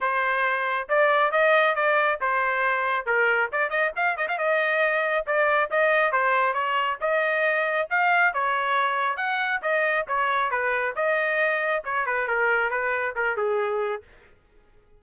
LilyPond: \new Staff \with { instrumentName = "trumpet" } { \time 4/4 \tempo 4 = 137 c''2 d''4 dis''4 | d''4 c''2 ais'4 | d''8 dis''8 f''8 dis''16 f''16 dis''2 | d''4 dis''4 c''4 cis''4 |
dis''2 f''4 cis''4~ | cis''4 fis''4 dis''4 cis''4 | b'4 dis''2 cis''8 b'8 | ais'4 b'4 ais'8 gis'4. | }